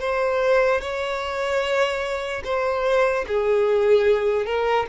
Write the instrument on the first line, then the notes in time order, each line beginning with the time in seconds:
violin
0.00 C5
0.80 C#5
2.44 C5
3.27 G#4
4.45 A#4